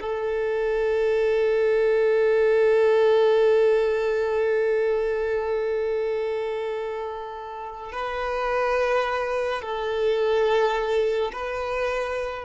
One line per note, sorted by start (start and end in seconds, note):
0.00 7.91 A4
7.91 9.61 B4
9.61 11.31 A4
11.32 12.44 B4